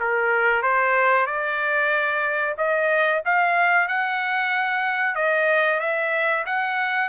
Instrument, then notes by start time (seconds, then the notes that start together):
trumpet
0.00 A#4
0.62 C5
1.26 D5
2.57 D#5
3.25 F5
3.88 F#5
5.15 D#5
5.80 E5
6.46 F#5